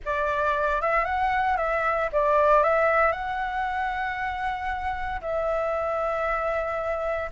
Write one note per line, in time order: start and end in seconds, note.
0.05 0.81 D5
0.81 1.04 E5
1.04 1.57 F#5
1.57 2.09 E5
2.12 2.63 D5
2.63 3.12 E5
3.12 5.20 F#5
5.21 7.29 E5